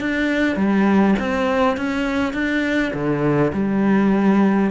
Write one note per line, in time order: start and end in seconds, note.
0.00 0.56 D4
0.56 1.15 G3
1.19 1.77 C4
1.77 2.33 C#4
2.33 2.92 D4
2.93 3.52 D3
3.53 4.71 G3